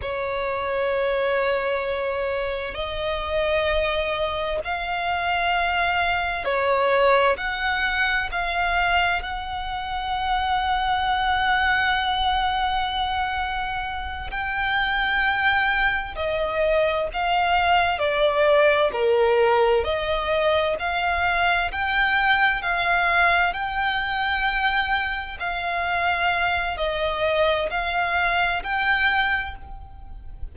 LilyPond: \new Staff \with { instrumentName = "violin" } { \time 4/4 \tempo 4 = 65 cis''2. dis''4~ | dis''4 f''2 cis''4 | fis''4 f''4 fis''2~ | fis''2.~ fis''8 g''8~ |
g''4. dis''4 f''4 d''8~ | d''8 ais'4 dis''4 f''4 g''8~ | g''8 f''4 g''2 f''8~ | f''4 dis''4 f''4 g''4 | }